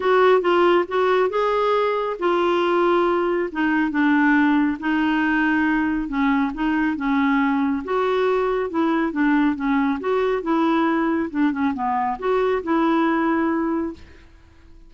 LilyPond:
\new Staff \with { instrumentName = "clarinet" } { \time 4/4 \tempo 4 = 138 fis'4 f'4 fis'4 gis'4~ | gis'4 f'2. | dis'4 d'2 dis'4~ | dis'2 cis'4 dis'4 |
cis'2 fis'2 | e'4 d'4 cis'4 fis'4 | e'2 d'8 cis'8 b4 | fis'4 e'2. | }